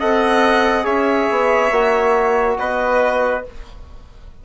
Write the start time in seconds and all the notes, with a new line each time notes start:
0.00 C4 A4 D#5 F#5
0.83 C#4 G#4 C#5 E5
1.31 B3
1.71 A#3 F#4
2.59 B3 B4 D#5